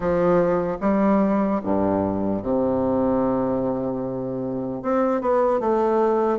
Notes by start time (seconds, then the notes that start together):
0.00 F3
0.80 G3
1.63 G2
2.42 C3
4.82 C4
5.21 B3
5.60 A3